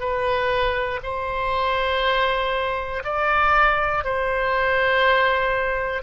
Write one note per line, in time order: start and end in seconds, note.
0.00 1.00 B4
1.04 3.04 C5
3.05 4.05 D5
4.05 6.03 C5